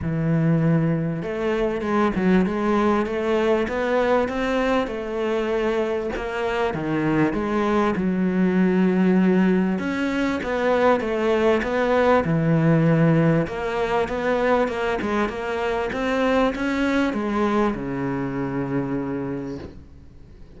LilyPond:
\new Staff \with { instrumentName = "cello" } { \time 4/4 \tempo 4 = 98 e2 a4 gis8 fis8 | gis4 a4 b4 c'4 | a2 ais4 dis4 | gis4 fis2. |
cis'4 b4 a4 b4 | e2 ais4 b4 | ais8 gis8 ais4 c'4 cis'4 | gis4 cis2. | }